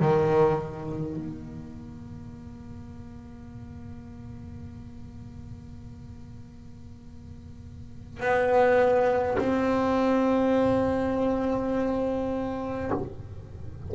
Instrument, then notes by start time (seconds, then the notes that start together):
double bass
0.00 D#3
1.16 A#3
8.20 B3
9.38 C4